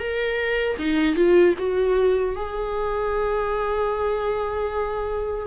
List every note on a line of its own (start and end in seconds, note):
0.00 0.78 A#4
0.79 1.16 D#4
1.16 1.55 F4
1.59 2.36 F#4
2.36 5.47 G#4